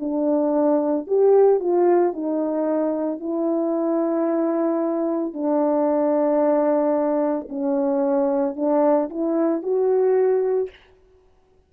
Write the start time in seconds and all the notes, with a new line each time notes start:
0.00 D4
1.07 G4
1.60 F4
2.13 D#4
3.20 E4
5.34 D4
7.50 C#4
8.56 D4
9.10 E4
9.63 F#4